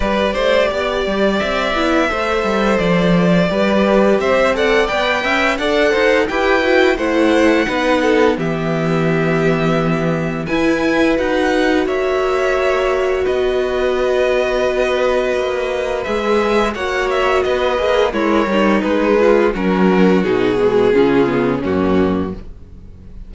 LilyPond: <<
  \new Staff \with { instrumentName = "violin" } { \time 4/4 \tempo 4 = 86 d''2 e''2 | d''2 e''8 fis''8 g''4 | fis''4 g''4 fis''2 | e''2. gis''4 |
fis''4 e''2 dis''4~ | dis''2. e''4 | fis''8 e''8 dis''4 cis''4 b'4 | ais'4 gis'2 fis'4 | }
  \new Staff \with { instrumentName = "violin" } { \time 4/4 b'8 c''8 d''2 c''4~ | c''4 b'4 c''8 d''4 e''8 | d''8 c''8 b'4 c''4 b'8 a'8 | g'2. b'4~ |
b'4 cis''2 b'4~ | b'1 | cis''4 b'4 e'8 dis'4 f'8 | fis'2 f'4 cis'4 | }
  \new Staff \with { instrumentName = "viola" } { \time 4/4 g'2~ g'8 e'8 a'4~ | a'4 g'4. a'8 b'4 | a'4 g'8 fis'8 e'4 dis'4 | b2. e'4 |
fis'1~ | fis'2. gis'4 | fis'4. gis'8 ais'4 gis'4 | cis'4 dis'8 gis8 cis'8 b8 ais4 | }
  \new Staff \with { instrumentName = "cello" } { \time 4/4 g8 a8 b8 g8 c'8 b8 a8 g8 | f4 g4 c'4 b8 cis'8 | d'8 dis'8 e'4 a4 b4 | e2. e'4 |
dis'4 ais2 b4~ | b2 ais4 gis4 | ais4 b8 ais8 gis8 g8 gis4 | fis4 b,4 cis4 fis,4 | }
>>